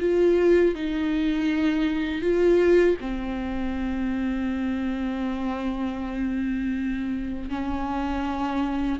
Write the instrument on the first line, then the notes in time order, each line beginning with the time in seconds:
viola
0.00 F4
0.75 D#4
2.22 F4
3.01 C4
7.50 C#4